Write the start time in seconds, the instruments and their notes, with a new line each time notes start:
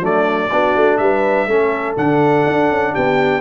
0.00 tuba F#3, trombone A3, horn D4, trumpet D5
0.51 tuba B3, trombone D4, horn F#4
0.76 tuba A3
0.97 tuba G3, horn B4, trumpet E5
1.47 tuba A3, trombone C#4, horn A4
1.97 tuba D3, trombone D4, trumpet F#5
2.46 tuba D4
2.70 tuba C#4
2.93 tuba B3, horn G4, trumpet G5